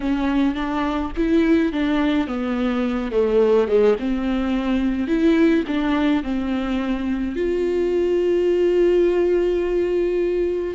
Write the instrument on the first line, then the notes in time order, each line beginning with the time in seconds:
viola
0.00 C#4
0.55 D4
1.16 E4
1.72 D4
2.27 B3
3.11 A3
3.67 G#3
3.99 C4
5.07 E4
5.67 D4
6.23 C4
7.36 F4